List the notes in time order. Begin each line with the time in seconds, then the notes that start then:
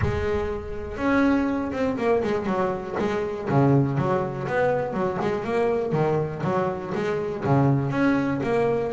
0.01 G#3
0.97 C#4
1.72 C4
1.97 A#3
2.23 G#3
2.46 F#3
2.99 G#3
3.49 C#3
3.97 F#3
4.47 B3
4.93 F#3
5.21 G#3
5.44 A#3
5.92 D#3
6.43 F#3
6.94 G#3
7.44 C#3
7.90 C#4
8.43 A#3